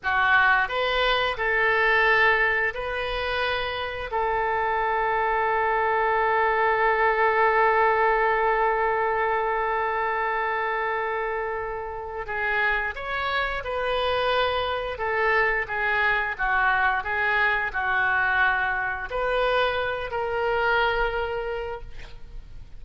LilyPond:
\new Staff \with { instrumentName = "oboe" } { \time 4/4 \tempo 4 = 88 fis'4 b'4 a'2 | b'2 a'2~ | a'1~ | a'1~ |
a'2 gis'4 cis''4 | b'2 a'4 gis'4 | fis'4 gis'4 fis'2 | b'4. ais'2~ ais'8 | }